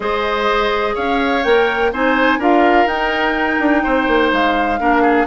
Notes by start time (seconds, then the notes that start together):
0.00 G#3 G#4 C5 D#5
0.94 C#4 C#5 F5
1.43 A#3 A#4 G5
1.92 C4 D#4 C5 G#5
2.38 D4 F4 A#4 F5
2.85 D#4 G5
3.59 D4
3.83 C4 C5
4.07 A#3
4.32 G#3 F5
4.79 A#3 D4 A#4
5.02 G#4